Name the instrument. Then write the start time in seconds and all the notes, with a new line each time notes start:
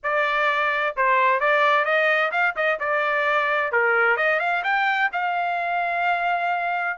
trumpet
0.03 D5
0.96 C5
1.40 D5
1.84 D#5
2.31 F5
2.56 D#5
2.79 D5
3.71 A#4
4.16 D#5
4.39 F5
4.63 G5
5.12 F5